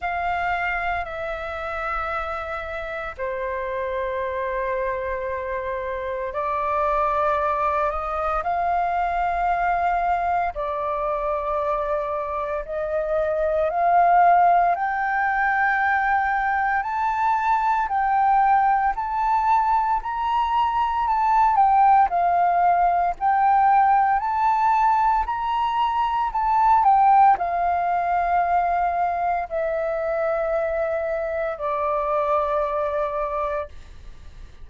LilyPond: \new Staff \with { instrumentName = "flute" } { \time 4/4 \tempo 4 = 57 f''4 e''2 c''4~ | c''2 d''4. dis''8 | f''2 d''2 | dis''4 f''4 g''2 |
a''4 g''4 a''4 ais''4 | a''8 g''8 f''4 g''4 a''4 | ais''4 a''8 g''8 f''2 | e''2 d''2 | }